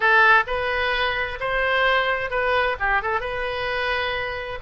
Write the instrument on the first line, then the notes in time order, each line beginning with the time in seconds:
oboe
0.00 A4
0.46 B4
1.40 C5
2.30 B4
2.79 G4
3.01 A4
3.20 B4